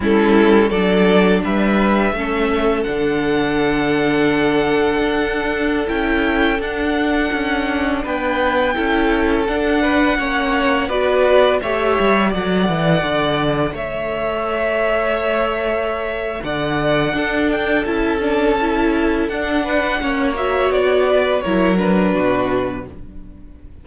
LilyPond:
<<
  \new Staff \with { instrumentName = "violin" } { \time 4/4 \tempo 4 = 84 a'4 d''4 e''2 | fis''1~ | fis''16 g''4 fis''2 g''8.~ | g''4~ g''16 fis''2 d''8.~ |
d''16 e''4 fis''2 e''8.~ | e''2. fis''4~ | fis''8 g''8 a''2 fis''4~ | fis''8 e''8 d''4 cis''8 b'4. | }
  \new Staff \with { instrumentName = "violin" } { \time 4/4 e'4 a'4 b'4 a'4~ | a'1~ | a'2.~ a'16 b'8.~ | b'16 a'4. b'8 cis''4 b'8.~ |
b'16 cis''4 d''2 cis''8.~ | cis''2. d''4 | a'2.~ a'8 b'8 | cis''4. b'8 ais'4 fis'4 | }
  \new Staff \with { instrumentName = "viola" } { \time 4/4 cis'4 d'2 cis'4 | d'1~ | d'16 e'4 d'2~ d'8.~ | d'16 e'4 d'4 cis'4 fis'8.~ |
fis'16 g'4 a'2~ a'8.~ | a'1 | d'4 e'8 d'8 e'4 d'4 | cis'8 fis'4. e'8 d'4. | }
  \new Staff \with { instrumentName = "cello" } { \time 4/4 g4 fis4 g4 a4 | d2. d'4~ | d'16 cis'4 d'4 cis'4 b8.~ | b16 cis'4 d'4 ais4 b8.~ |
b16 a8 g8 fis8 e8 d4 a8.~ | a2. d4 | d'4 cis'2 d'4 | ais4 b4 fis4 b,4 | }
>>